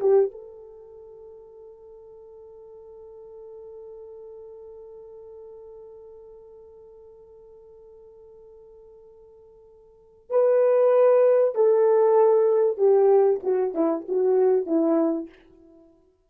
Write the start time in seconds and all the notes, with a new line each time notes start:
0.00 G4
0.31 A4
10.30 B4
11.55 A4
12.78 G4
13.43 F#4
13.74 E4
14.08 F#4
14.66 E4